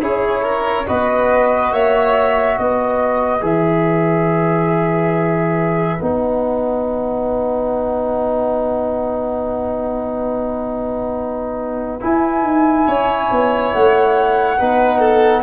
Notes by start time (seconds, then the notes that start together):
0.00 C#4 E4 G#4 C#5
0.43 A#4
0.87 B3 F#4 B4 D#5
1.72 A#3 C#5 E5
2.58 B3 B4 D#5
3.41 E3 G#4 E5
6.01 B3 D#4 F#5
12.00 E4 G#5
12.44 D#4
12.87 C#4 C#5
13.31 B3
13.73 A3 F#5
14.59 B3 D#4 B4
14.99 A4